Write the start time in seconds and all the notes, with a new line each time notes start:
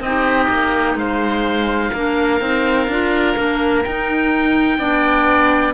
0.00 C4 D#4 G4 D#5
0.49 A#3
0.95 G#3 C5 F5
1.92 A#3 D4 A#4
2.40 C4 D#4
2.88 D4 F4
3.36 A#3 D4
3.84 D#4 G5
4.78 B3 D4 D5